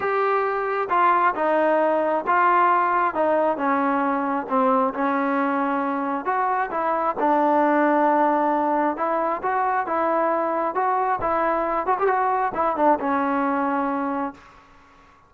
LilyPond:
\new Staff \with { instrumentName = "trombone" } { \time 4/4 \tempo 4 = 134 g'2 f'4 dis'4~ | dis'4 f'2 dis'4 | cis'2 c'4 cis'4~ | cis'2 fis'4 e'4 |
d'1 | e'4 fis'4 e'2 | fis'4 e'4. fis'16 g'16 fis'4 | e'8 d'8 cis'2. | }